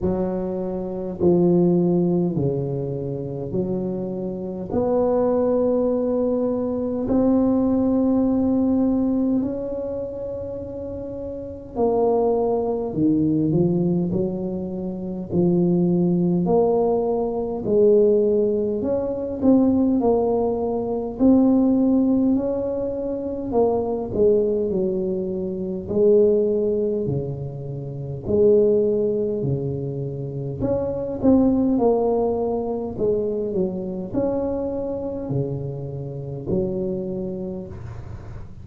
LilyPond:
\new Staff \with { instrumentName = "tuba" } { \time 4/4 \tempo 4 = 51 fis4 f4 cis4 fis4 | b2 c'2 | cis'2 ais4 dis8 f8 | fis4 f4 ais4 gis4 |
cis'8 c'8 ais4 c'4 cis'4 | ais8 gis8 fis4 gis4 cis4 | gis4 cis4 cis'8 c'8 ais4 | gis8 fis8 cis'4 cis4 fis4 | }